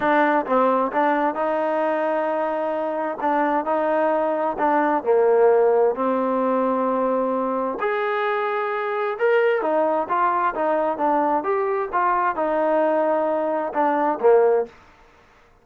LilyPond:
\new Staff \with { instrumentName = "trombone" } { \time 4/4 \tempo 4 = 131 d'4 c'4 d'4 dis'4~ | dis'2. d'4 | dis'2 d'4 ais4~ | ais4 c'2.~ |
c'4 gis'2. | ais'4 dis'4 f'4 dis'4 | d'4 g'4 f'4 dis'4~ | dis'2 d'4 ais4 | }